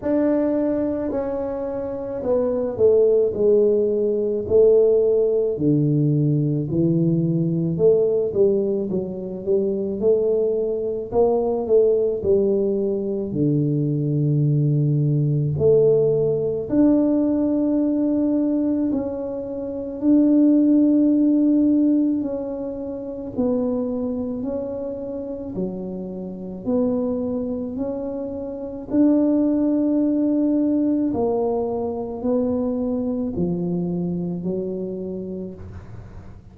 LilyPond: \new Staff \with { instrumentName = "tuba" } { \time 4/4 \tempo 4 = 54 d'4 cis'4 b8 a8 gis4 | a4 d4 e4 a8 g8 | fis8 g8 a4 ais8 a8 g4 | d2 a4 d'4~ |
d'4 cis'4 d'2 | cis'4 b4 cis'4 fis4 | b4 cis'4 d'2 | ais4 b4 f4 fis4 | }